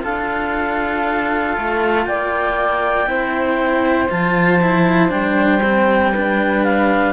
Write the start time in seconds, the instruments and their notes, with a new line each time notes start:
0.00 cello D4 F4, flute A4, clarinet F5
1.57 cello A3
2.05 cello A#3, flute D5, clarinet G5
3.06 cello C4 E4, flute C5
4.09 cello F3 F4, clarinet A5
4.62 cello E4
5.09 cello G3 D4, clarinet G5
5.63 cello C4
6.11 cello D4, flute B4
6.64 clarinet F5